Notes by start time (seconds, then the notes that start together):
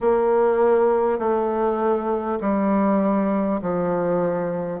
0.01 A#3
1.18 A3
2.41 G3
3.61 F3